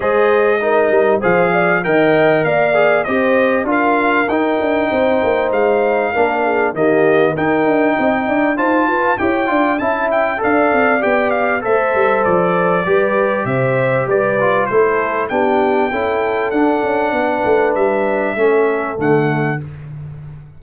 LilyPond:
<<
  \new Staff \with { instrumentName = "trumpet" } { \time 4/4 \tempo 4 = 98 dis''2 f''4 g''4 | f''4 dis''4 f''4 g''4~ | g''4 f''2 dis''4 | g''2 a''4 g''4 |
a''8 g''8 f''4 g''8 f''8 e''4 | d''2 e''4 d''4 | c''4 g''2 fis''4~ | fis''4 e''2 fis''4 | }
  \new Staff \with { instrumentName = "horn" } { \time 4/4 c''4 ais'4 c''8 d''8 dis''4 | d''4 c''4 ais'2 | c''2 ais'8 gis'8 g'4 | ais'4 dis''8 d''8 c''8 b'8 cis''8 d''8 |
e''4 d''2 c''4~ | c''4 b'4 c''4 b'4 | a'4 g'4 a'2 | b'2 a'2 | }
  \new Staff \with { instrumentName = "trombone" } { \time 4/4 gis'4 dis'4 gis'4 ais'4~ | ais'8 gis'8 g'4 f'4 dis'4~ | dis'2 d'4 ais4 | dis'2 f'4 g'8 f'8 |
e'4 a'4 g'4 a'4~ | a'4 g'2~ g'8 f'8 | e'4 d'4 e'4 d'4~ | d'2 cis'4 a4 | }
  \new Staff \with { instrumentName = "tuba" } { \time 4/4 gis4. g8 f4 dis4 | ais4 c'4 d'4 dis'8 d'8 | c'8 ais8 gis4 ais4 dis4 | dis'8 d'8 c'8 d'8 dis'8 f'8 e'8 d'8 |
cis'4 d'8 c'8 b4 a8 g8 | f4 g4 c4 g4 | a4 b4 cis'4 d'8 cis'8 | b8 a8 g4 a4 d4 | }
>>